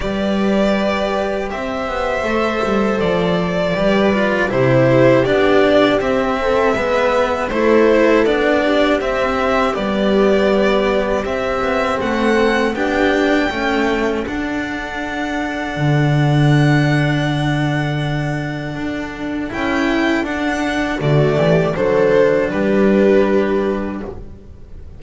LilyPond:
<<
  \new Staff \with { instrumentName = "violin" } { \time 4/4 \tempo 4 = 80 d''2 e''2 | d''2 c''4 d''4 | e''2 c''4 d''4 | e''4 d''2 e''4 |
fis''4 g''2 fis''4~ | fis''1~ | fis''2 g''4 fis''4 | d''4 c''4 b'2 | }
  \new Staff \with { instrumentName = "viola" } { \time 4/4 b'2 c''2~ | c''4 b'4 g'2~ | g'8 a'8 b'4 a'4. g'8~ | g'1 |
a'4 g'4 a'2~ | a'1~ | a'1 | fis'8 g'8 a'4 g'2 | }
  \new Staff \with { instrumentName = "cello" } { \time 4/4 g'2. a'4~ | a'4 g'8 f'8 e'4 d'4 | c'4 b4 e'4 d'4 | c'4 b2 c'4~ |
c'4 d'4 a4 d'4~ | d'1~ | d'2 e'4 d'4 | a4 d'2. | }
  \new Staff \with { instrumentName = "double bass" } { \time 4/4 g2 c'8 b8 a8 g8 | f4 g4 c4 b4 | c'4 gis4 a4 b4 | c'4 g2 c'8 b8 |
a4 b4 cis'4 d'4~ | d'4 d2.~ | d4 d'4 cis'4 d'4 | d8 e8 fis4 g2 | }
>>